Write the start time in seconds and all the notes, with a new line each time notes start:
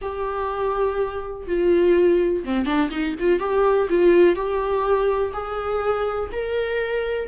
0.01 G4
1.47 F4
2.44 C4
2.65 D4
2.90 D#4
3.19 F4
3.39 G4
3.89 F4
4.35 G4
5.33 G#4
6.31 A#4